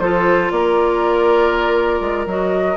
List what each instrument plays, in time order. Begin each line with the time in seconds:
0.00 bassoon F3, clarinet F4, oboe A4, flute C5
0.51 bassoon A#3, oboe A#4, flute D5
2.01 bassoon G#3
2.26 bassoon F#3, clarinet F#4, flute D#5